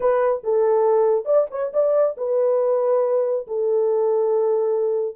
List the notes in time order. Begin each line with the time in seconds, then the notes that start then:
0.00 B4
0.43 A4
1.25 D5
1.50 C#5
1.73 D5
2.17 B4
3.47 A4